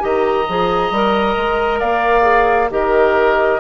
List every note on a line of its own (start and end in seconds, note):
0.00 0.48 D#3
0.00 0.45 G4
0.00 1.80 D#5
0.00 1.80 A#5
0.49 0.91 F3
0.49 0.94 G#4
0.91 1.36 G3
0.91 2.22 A#4
1.37 1.82 G#3
1.80 2.71 A#3
1.80 2.69 D5
1.80 2.70 F5
2.22 2.67 G#4
2.70 3.60 D#3
2.70 3.60 G4
2.70 3.60 A#4
2.70 3.60 D#5